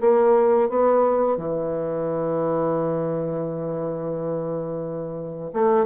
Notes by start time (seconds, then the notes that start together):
0.00 A#3
0.69 B3
1.37 E3
5.53 A3